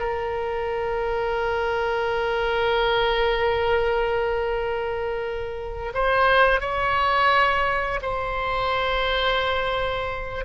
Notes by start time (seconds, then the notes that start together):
0.00 A#4
5.94 C5
6.61 C#5
8.02 C5